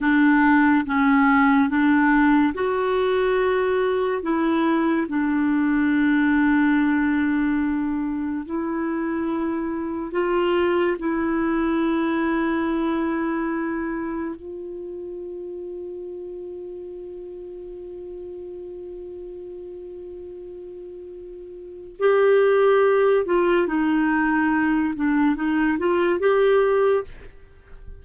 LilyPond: \new Staff \with { instrumentName = "clarinet" } { \time 4/4 \tempo 4 = 71 d'4 cis'4 d'4 fis'4~ | fis'4 e'4 d'2~ | d'2 e'2 | f'4 e'2.~ |
e'4 f'2.~ | f'1~ | f'2 g'4. f'8 | dis'4. d'8 dis'8 f'8 g'4 | }